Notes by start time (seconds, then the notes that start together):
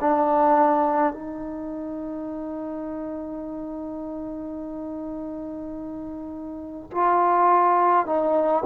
0.00 D4
1.13 D#4
6.91 F4
8.06 D#4